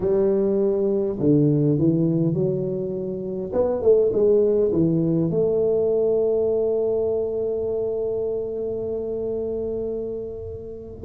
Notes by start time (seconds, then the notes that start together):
0.00 G3
1.19 D3
1.78 E3
2.34 F#3
3.53 B3
3.82 A3
4.12 G#3
4.72 E3
5.30 A3